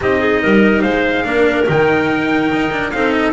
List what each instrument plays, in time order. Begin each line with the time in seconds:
0.01 double bass C4, cello D#4, clarinet G4, trumpet D#5
0.19 clarinet G#4
0.41 double bass G3, clarinet A#4
0.81 double bass G#3, clarinet C5, trumpet F5
1.24 double bass A#3, cello D4, clarinet A#4
1.65 double bass D#3, cello D#4, trumpet G5
2.52 double bass D#4
2.71 cello D4
2.91 double bass C4, cello D#4, clarinet A4, trumpet F5
3.12 trumpet D#5